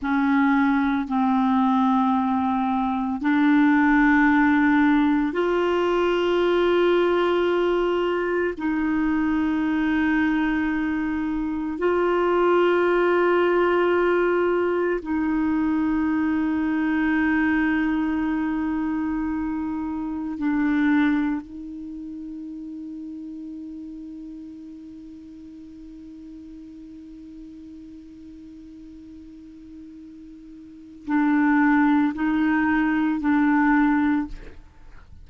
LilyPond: \new Staff \with { instrumentName = "clarinet" } { \time 4/4 \tempo 4 = 56 cis'4 c'2 d'4~ | d'4 f'2. | dis'2. f'4~ | f'2 dis'2~ |
dis'2. d'4 | dis'1~ | dis'1~ | dis'4 d'4 dis'4 d'4 | }